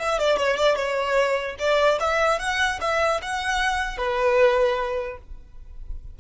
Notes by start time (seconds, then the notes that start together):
0.00 E5
0.19 D5
0.37 C#5
0.57 D5
0.76 C#5
1.59 D5
2.00 E5
2.40 F#5
2.81 E5
3.23 F#5
3.98 B4